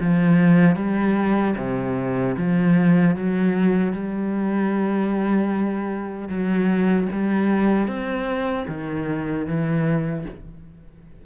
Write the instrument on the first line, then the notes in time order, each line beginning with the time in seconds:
cello
0.00 F3
0.76 G3
1.57 C3
2.37 F3
3.15 F#3
3.93 G3
6.28 F#3
7.12 G3
7.87 C4
8.68 D#3
9.47 E3